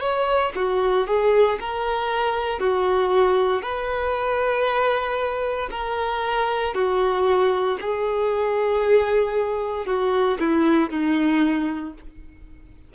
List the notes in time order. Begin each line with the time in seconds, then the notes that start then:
0.00 C#5
0.55 F#4
1.07 G#4
1.60 A#4
2.60 F#4
3.62 B4
5.70 A#4
6.74 F#4
7.81 G#4
9.86 F#4
10.39 E4
10.89 D#4